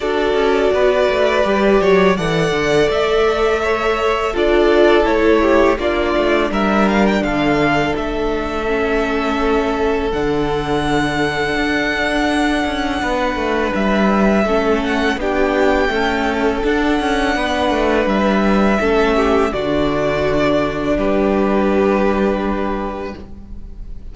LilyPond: <<
  \new Staff \with { instrumentName = "violin" } { \time 4/4 \tempo 4 = 83 d''2. fis''4 | e''2 d''4 cis''4 | d''4 e''8 f''16 g''16 f''4 e''4~ | e''2 fis''2~ |
fis''2. e''4~ | e''8 fis''8 g''2 fis''4~ | fis''4 e''2 d''4~ | d''4 b'2. | }
  \new Staff \with { instrumentName = "violin" } { \time 4/4 a'4 b'4. cis''8 d''4~ | d''4 cis''4 a'4. g'8 | f'4 ais'4 a'2~ | a'1~ |
a'2 b'2 | a'4 g'4 a'2 | b'2 a'8 g'8 fis'4~ | fis'4 g'2. | }
  \new Staff \with { instrumentName = "viola" } { \time 4/4 fis'2 g'4 a'4~ | a'2 f'4 e'4 | d'1 | cis'2 d'2~ |
d'1 | cis'4 d'4 a4 d'4~ | d'2 cis'4 d'4~ | d'1 | }
  \new Staff \with { instrumentName = "cello" } { \time 4/4 d'8 cis'8 b8 a8 g8 fis8 e8 d8 | a2 d'4 a4 | ais8 a8 g4 d4 a4~ | a2 d2 |
d'4. cis'8 b8 a8 g4 | a4 b4 cis'4 d'8 cis'8 | b8 a8 g4 a4 d4~ | d4 g2. | }
>>